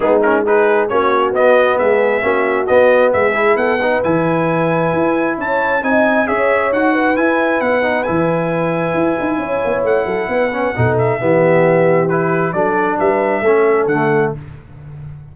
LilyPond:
<<
  \new Staff \with { instrumentName = "trumpet" } { \time 4/4 \tempo 4 = 134 gis'8 ais'8 b'4 cis''4 dis''4 | e''2 dis''4 e''4 | fis''4 gis''2. | a''4 gis''4 e''4 fis''4 |
gis''4 fis''4 gis''2~ | gis''2 fis''2~ | fis''8 e''2~ e''8 b'4 | d''4 e''2 fis''4 | }
  \new Staff \with { instrumentName = "horn" } { \time 4/4 dis'4 gis'4 fis'2 | gis'4 fis'2 gis'4 | a'8 b'2.~ b'8 | cis''4 dis''4 cis''4. b'8~ |
b'1~ | b'4 cis''4. a'8 b'4 | a'4 g'2. | a'4 b'4 a'2 | }
  \new Staff \with { instrumentName = "trombone" } { \time 4/4 b8 cis'8 dis'4 cis'4 b4~ | b4 cis'4 b4. e'8~ | e'8 dis'8 e'2.~ | e'4 dis'4 gis'4 fis'4 |
e'4. dis'8 e'2~ | e'2.~ e'8 cis'8 | dis'4 b2 e'4 | d'2 cis'4 a4 | }
  \new Staff \with { instrumentName = "tuba" } { \time 4/4 gis2 ais4 b4 | gis4 ais4 b4 gis4 | b4 e2 e'4 | cis'4 c'4 cis'4 dis'4 |
e'4 b4 e2 | e'8 dis'8 cis'8 b8 a8 fis8 b4 | b,4 e2. | fis4 g4 a4 d4 | }
>>